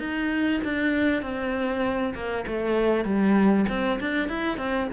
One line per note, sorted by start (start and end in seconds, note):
0.00 0.61 D#4
0.65 1.22 D4
1.22 2.14 C4
2.15 2.45 A#3
2.47 3.05 A3
3.05 3.66 G3
3.69 4.00 C4
4.01 4.29 D4
4.29 4.58 E4
4.58 4.88 C4